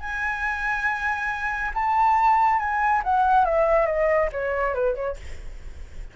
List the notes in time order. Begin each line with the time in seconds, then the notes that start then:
0.00 G#5
1.74 A5
2.59 G#5
3.04 F#5
3.45 E5
3.86 D#5
4.32 C#5
4.74 B4
4.95 C#5